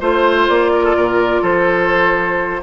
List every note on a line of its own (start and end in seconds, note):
0.00 0.48 A3
0.00 2.62 F4
0.00 0.71 C5
0.00 0.48 C5
0.48 0.96 A#3
0.48 1.43 D5
0.73 0.84 A#4
0.84 0.96 A4
0.96 1.42 A#2
0.96 1.41 A#4
1.41 2.61 F3
1.41 2.60 A4
1.41 2.62 C5